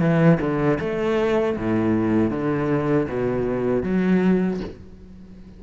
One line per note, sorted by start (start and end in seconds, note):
0.00 0.38 E3
0.40 0.79 D3
0.80 1.57 A3
1.57 2.30 A2
2.30 3.07 D3
3.09 3.83 B2
3.83 4.60 F#3